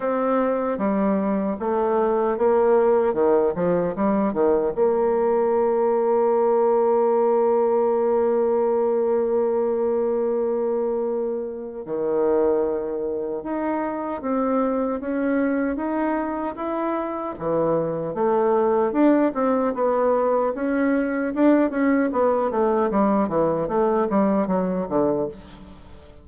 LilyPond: \new Staff \with { instrumentName = "bassoon" } { \time 4/4 \tempo 4 = 76 c'4 g4 a4 ais4 | dis8 f8 g8 dis8 ais2~ | ais1~ | ais2. dis4~ |
dis4 dis'4 c'4 cis'4 | dis'4 e'4 e4 a4 | d'8 c'8 b4 cis'4 d'8 cis'8 | b8 a8 g8 e8 a8 g8 fis8 d8 | }